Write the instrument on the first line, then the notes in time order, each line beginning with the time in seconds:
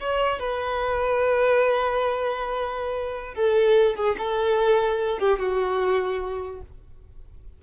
violin
0.00 C#5
0.39 B4
3.35 A4
3.96 G#4
4.18 A4
5.19 G4
5.39 F#4